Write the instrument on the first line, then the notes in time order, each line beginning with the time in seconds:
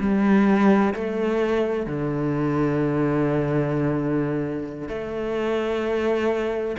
cello
0.00 G3
0.94 A3
1.86 D3
4.89 A3